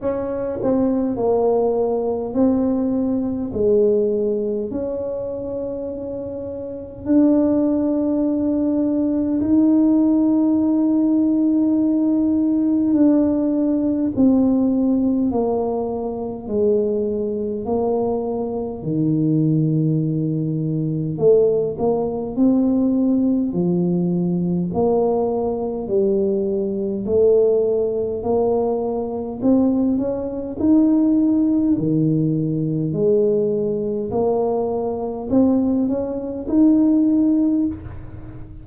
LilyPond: \new Staff \with { instrumentName = "tuba" } { \time 4/4 \tempo 4 = 51 cis'8 c'8 ais4 c'4 gis4 | cis'2 d'2 | dis'2. d'4 | c'4 ais4 gis4 ais4 |
dis2 a8 ais8 c'4 | f4 ais4 g4 a4 | ais4 c'8 cis'8 dis'4 dis4 | gis4 ais4 c'8 cis'8 dis'4 | }